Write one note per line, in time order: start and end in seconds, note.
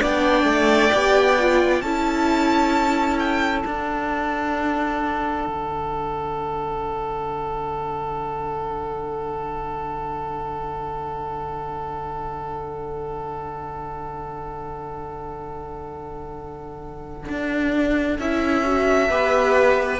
0.00 0.44 B3
0.00 0.91 D4
0.00 1.82 D5
0.00 1.81 G5
0.44 0.89 A3
0.92 1.81 B3
0.92 1.37 G4
1.38 1.84 F4
1.81 3.63 C#4
1.81 3.67 E4
1.81 19.10 A4
1.81 3.18 A5
3.19 3.62 G5
3.62 5.46 D4
3.62 18.20 D4
3.62 18.17 F#5
5.46 17.28 D3
17.29 18.18 D4
18.18 19.09 C#4
18.18 18.64 E4
18.18 20.00 E5
18.64 19.10 F#4
19.09 20.00 B3
19.09 20.00 G4
19.09 20.00 B4